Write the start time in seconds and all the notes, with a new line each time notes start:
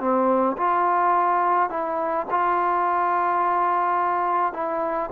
0.00 C4
0.57 F4
1.70 E4
2.30 F4
4.53 E4